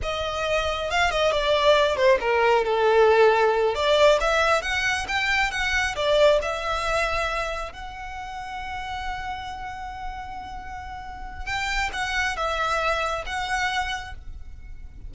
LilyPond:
\new Staff \with { instrumentName = "violin" } { \time 4/4 \tempo 4 = 136 dis''2 f''8 dis''8 d''4~ | d''8 c''8 ais'4 a'2~ | a'8 d''4 e''4 fis''4 g''8~ | g''8 fis''4 d''4 e''4.~ |
e''4. fis''2~ fis''8~ | fis''1~ | fis''2 g''4 fis''4 | e''2 fis''2 | }